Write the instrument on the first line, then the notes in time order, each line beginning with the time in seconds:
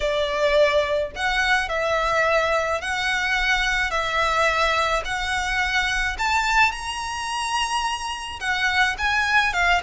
violin
0.00 D5
1.15 F#5
1.68 E5
2.81 F#5
3.90 E5
5.04 F#5
6.18 A5
6.71 A#5
8.40 F#5
8.98 G#5
9.53 F5